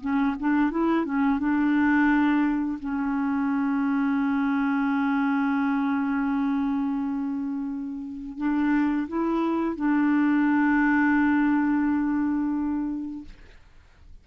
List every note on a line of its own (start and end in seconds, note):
0.00 0.35 C#4
0.39 0.70 D4
0.70 1.05 E4
1.05 1.39 C#4
1.39 2.78 D4
2.79 8.37 C#4
8.37 9.07 D4
9.07 9.75 E4
9.75 13.24 D4